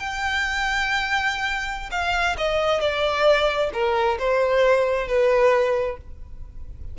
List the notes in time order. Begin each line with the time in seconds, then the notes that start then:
0.00 G5
1.92 F5
2.38 D#5
2.81 D5
3.73 A#4
4.19 C5
5.08 B4